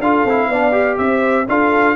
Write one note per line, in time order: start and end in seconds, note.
0.00 0.24 D4
0.00 0.28 F4
0.00 0.49 A4
0.00 0.98 F5
0.25 0.49 C4
0.25 0.53 E4
0.49 0.98 B3
0.49 0.72 D4
0.49 0.98 D5
0.72 1.45 G4
0.98 1.48 C4
0.98 1.47 C5
0.98 1.47 E5
1.48 1.96 D4
1.48 1.96 F4
1.48 1.96 A4
1.48 1.96 F5